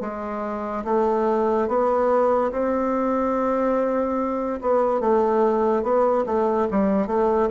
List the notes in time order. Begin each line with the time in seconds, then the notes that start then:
0.00 G#3
0.84 A3
1.68 B3
2.52 C4
4.61 B3
5.00 A3
5.82 B3
6.25 A3
6.70 G3
7.06 A3